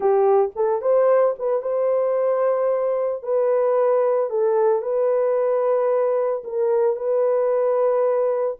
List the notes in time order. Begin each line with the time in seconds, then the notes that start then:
0.00 G4
0.55 A4
0.81 C5
1.38 B4
1.62 C5
3.22 B4
4.30 A4
4.82 B4
6.44 A#4
6.96 B4